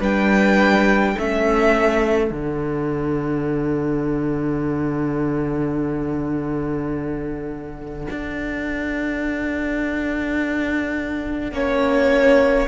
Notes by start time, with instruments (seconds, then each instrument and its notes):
0.00 cello G3, viola D4, violin B4 G5
1.13 cello A3, viola C#4, violin A4 E5
2.28 cello D3, viola D4, violin F#5
8.10 cello D4
11.52 cello A#3, viola C#4, violin C#5